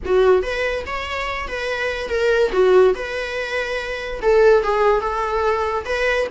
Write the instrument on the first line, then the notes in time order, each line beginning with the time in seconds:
viola
0.05 F#4
0.42 B4
0.86 C#5
1.47 B4
2.09 A#4
2.52 F#4
2.94 B4
4.22 A4
4.63 G#4
5.00 A4
5.85 B4